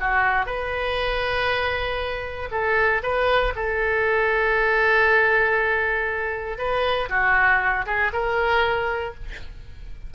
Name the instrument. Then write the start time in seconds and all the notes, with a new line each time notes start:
oboe
0.00 F#4
0.46 B4
2.51 A4
3.03 B4
3.56 A4
6.58 B4
7.09 F#4
7.86 G#4
8.13 A#4